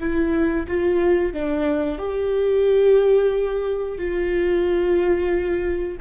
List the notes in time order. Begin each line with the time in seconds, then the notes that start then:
0.00 E4
0.67 F4
1.33 D4
1.98 G4
3.98 F4